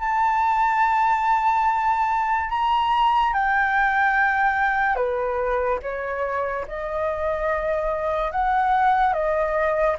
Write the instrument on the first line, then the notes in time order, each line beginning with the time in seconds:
flute
0.00 A5
2.50 A#5
3.34 G5
4.96 B4
5.83 C#5
6.68 D#5
8.32 F#5
9.14 D#5